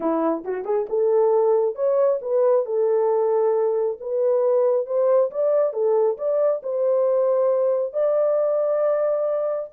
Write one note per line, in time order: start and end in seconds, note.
0.00 0.44 E4
0.44 0.64 F#4
0.64 0.86 G#4
0.89 1.75 A4
1.75 2.19 C#5
2.21 2.65 B4
2.65 3.98 A4
4.00 4.86 B4
4.86 5.30 C5
5.30 5.73 D5
5.73 6.17 A4
6.17 6.61 D5
6.63 7.93 C5
7.93 9.69 D5